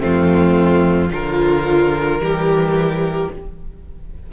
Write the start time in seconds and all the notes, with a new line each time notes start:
0.00 F2 A3 C4 F4
1.10 D3 F3 F4 A#4
2.18 E3 G3 G4